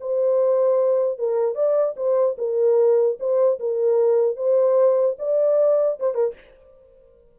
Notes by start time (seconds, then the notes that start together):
0.00 C5
1.18 A#4
1.55 D5
1.96 C5
2.38 A#4
3.19 C5
3.59 A#4
4.36 C5
5.19 D5
5.99 C5
6.14 A#4